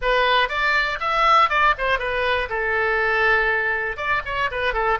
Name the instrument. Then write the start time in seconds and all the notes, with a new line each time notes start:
oboe
0.01 B4
0.48 D5
1.00 E5
1.49 D5
1.77 C5
1.98 B4
2.49 A4
3.96 D5
4.25 C#5
4.51 B4
4.73 A4